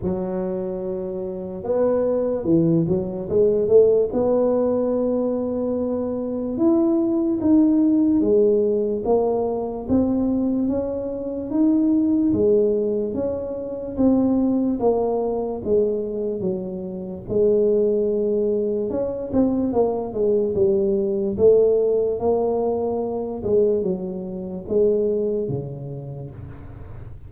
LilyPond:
\new Staff \with { instrumentName = "tuba" } { \time 4/4 \tempo 4 = 73 fis2 b4 e8 fis8 | gis8 a8 b2. | e'4 dis'4 gis4 ais4 | c'4 cis'4 dis'4 gis4 |
cis'4 c'4 ais4 gis4 | fis4 gis2 cis'8 c'8 | ais8 gis8 g4 a4 ais4~ | ais8 gis8 fis4 gis4 cis4 | }